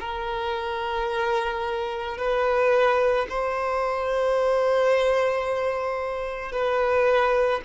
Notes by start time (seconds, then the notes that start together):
0.00 A#4
2.18 B4
3.29 C5
6.52 B4